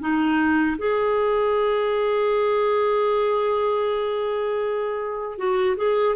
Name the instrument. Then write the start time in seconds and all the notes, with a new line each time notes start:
clarinet
0.00 D#4
0.78 G#4
5.38 F#4
5.77 G#4